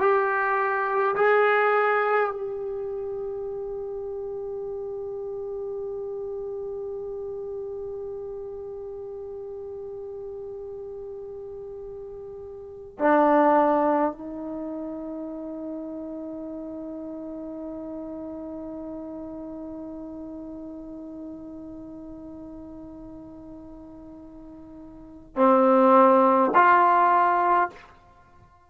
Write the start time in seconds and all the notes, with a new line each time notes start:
0.00 G4
1.15 G#4
2.31 G4
12.99 D4
14.12 D#4
25.36 C4
26.54 F4